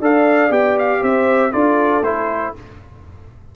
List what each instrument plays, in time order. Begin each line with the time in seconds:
0.00 tuba D4, trombone A4, horn D5, trumpet F5
0.50 tuba B3, trombone G4, trumpet G5
0.78 trumpet F5
1.01 tuba C4, horn C5, trumpet E5
1.52 tuba D4, trombone F4, horn A4, trumpet D5
2.01 tuba A3, trombone E4, trumpet C5